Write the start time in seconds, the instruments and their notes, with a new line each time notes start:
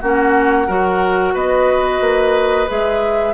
0.00 bassoon A#3, clarinet C#4, oboe F#4, flute F#5
0.67 bassoon F#3, clarinet F#4, oboe A#4
1.33 bassoon B3, oboe B4, flute D#5
2.00 bassoon A#3
2.67 bassoon G#3, clarinet G#4, flute E5